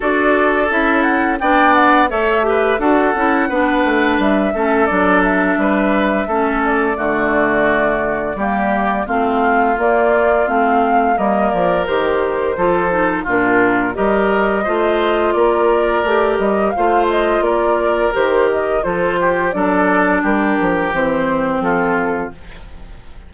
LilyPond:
<<
  \new Staff \with { instrumentName = "flute" } { \time 4/4 \tempo 4 = 86 d''4 e''8 fis''8 g''8 fis''8 e''4 | fis''2 e''4 d''8 e''8~ | e''4. d''2~ d''8~ | d''4 f''4 d''4 f''4 |
dis''8 d''8 c''2 ais'4 | dis''2 d''4. dis''8 | f''8 dis''8 d''4 c''8 dis''8 c''4 | d''4 ais'4 c''4 a'4 | }
  \new Staff \with { instrumentName = "oboe" } { \time 4/4 a'2 d''4 cis''8 b'8 | a'4 b'4. a'4. | b'4 a'4 fis'2 | g'4 f'2. |
ais'2 a'4 f'4 | ais'4 c''4 ais'2 | c''4 ais'2 a'8 g'8 | a'4 g'2 f'4 | }
  \new Staff \with { instrumentName = "clarinet" } { \time 4/4 fis'4 e'4 d'4 a'8 g'8 | fis'8 e'8 d'4. cis'8 d'4~ | d'4 cis'4 a2 | ais4 c'4 ais4 c'4 |
ais4 g'4 f'8 dis'8 d'4 | g'4 f'2 g'4 | f'2 g'4 f'4 | d'2 c'2 | }
  \new Staff \with { instrumentName = "bassoon" } { \time 4/4 d'4 cis'4 b4 a4 | d'8 cis'8 b8 a8 g8 a8 fis4 | g4 a4 d2 | g4 a4 ais4 a4 |
g8 f8 dis4 f4 ais,4 | g4 a4 ais4 a8 g8 | a4 ais4 dis4 f4 | fis4 g8 f8 e4 f4 | }
>>